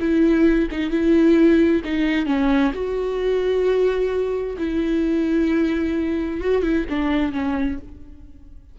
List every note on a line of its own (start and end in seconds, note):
0.00 0.69 E4
0.71 0.91 D#4
0.91 1.82 E4
1.84 2.26 D#4
2.26 2.72 C#4
2.74 4.57 F#4
4.58 6.41 E4
6.41 6.63 F#4
6.63 6.86 E4
6.90 7.32 D4
7.32 7.78 C#4